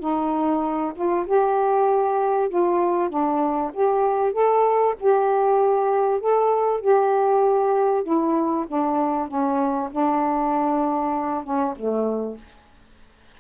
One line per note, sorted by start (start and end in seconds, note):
0.00 0.93 D#4
0.95 1.26 F4
1.26 2.49 G4
2.49 3.10 F4
3.10 3.71 D4
3.74 4.33 G4
4.33 4.95 A4
5.00 6.20 G4
6.20 6.81 A4
6.81 8.04 G4
8.04 8.65 E4
8.68 9.28 D4
9.28 9.90 C#4
9.91 11.44 D4
11.44 11.75 C#4
11.76 12.37 A3